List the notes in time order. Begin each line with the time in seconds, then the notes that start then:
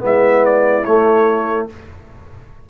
0.00 G#3 B3 E4 E5
0.46 D5
0.85 A3 C#5